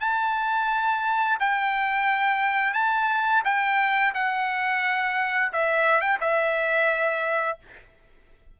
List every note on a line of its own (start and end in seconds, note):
0.00 1.38 A5
1.39 2.73 G5
2.73 3.42 A5
3.44 4.13 G5
4.14 5.52 F#5
5.52 6.01 E5
6.01 6.18 G5
6.20 7.58 E5